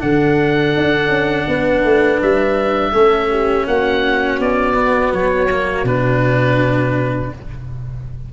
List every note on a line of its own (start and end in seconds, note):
0.00 0.76 D3
0.00 2.93 D4
0.00 1.48 A4
0.00 2.21 F#5
0.77 1.09 D4
1.09 1.45 C#4
1.48 1.84 B3
1.48 2.92 B4
1.84 2.21 A3
2.22 2.93 G3
2.22 3.67 E5
2.92 3.66 A3
2.92 4.74 C#4
2.92 3.29 A4
3.30 3.67 G4
3.67 4.39 A#3
3.67 7.33 F#4
3.67 4.40 F#5
4.39 5.13 B3
4.39 5.14 D5
4.74 5.47 B3
5.13 5.84 F#3
5.13 5.87 C#5
5.51 5.86 A#3
5.84 7.30 B2
5.84 7.32 D4
5.84 7.33 B4